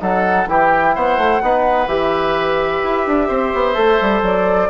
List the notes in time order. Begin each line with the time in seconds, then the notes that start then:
0.00 F#3 D#4 A4 F#5
0.47 E3 E4 G4 G5
0.95 B3 C5 F#5
1.18 A3
1.43 B3 D#4 B4
1.88 E3 G4 E5
2.84 E4
3.07 D4
3.28 C4 C5
3.54 B3
3.75 A3 A4
4.01 G3
4.22 F#3 D5